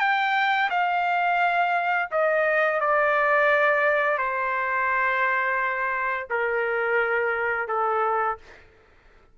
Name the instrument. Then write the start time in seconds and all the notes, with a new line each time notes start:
trumpet
0.00 G5
0.70 F5
2.12 D#5
2.81 D5
4.18 C5
6.30 A#4
7.68 A4